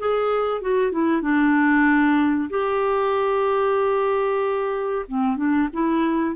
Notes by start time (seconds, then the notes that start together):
0.00 G#4
0.62 F#4
0.92 E4
1.22 D4
2.50 G4
5.08 C4
5.37 D4
5.74 E4